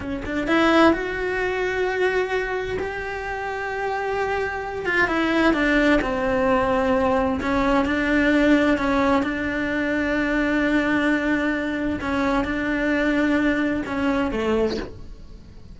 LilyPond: \new Staff \with { instrumentName = "cello" } { \time 4/4 \tempo 4 = 130 cis'8 d'8 e'4 fis'2~ | fis'2 g'2~ | g'2~ g'8 f'8 e'4 | d'4 c'2. |
cis'4 d'2 cis'4 | d'1~ | d'2 cis'4 d'4~ | d'2 cis'4 a4 | }